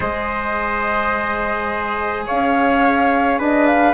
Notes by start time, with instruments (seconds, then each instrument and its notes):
0.00 bassoon G#3, cello G#4, trumpet C5, flute D#5
2.26 bassoon C#4, trumpet C#5, flute F5
3.38 bassoon D4, trumpet B4, flute D#5
3.66 flute F5